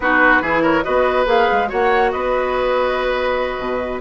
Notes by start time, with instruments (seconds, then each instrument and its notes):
0.00 bassoon B3, clarinet D#4, oboe F#4, flute B4
0.41 bassoon E3, clarinet E4, oboe G#4
0.62 oboe A#4, flute C#5
0.83 bassoon B3, clarinet F#4, oboe B4, flute D#5
1.25 bassoon A#3, clarinet G#4, flute F5
1.51 bassoon G#3
1.67 bassoon A#3, clarinet F#4, oboe C#5, flute F#5
2.11 bassoon B3, oboe B4, flute D#5
3.58 bassoon B2